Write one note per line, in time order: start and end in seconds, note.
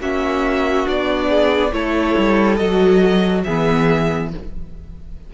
0.00 0.86 A#3
0.00 0.86 C#4
0.00 1.28 F#4
0.00 0.87 E5
0.86 1.72 B3
0.86 1.71 D4
0.86 1.72 D5
1.28 1.71 G#4
1.72 2.15 A3
1.72 2.57 E4
1.72 3.43 A4
1.72 2.56 C#5
2.17 2.59 G3
2.56 3.45 F#3
2.56 3.46 F#4
2.56 3.41 D#5
3.43 4.33 E3
3.43 4.32 B3
3.43 4.29 G#4
3.43 4.29 E5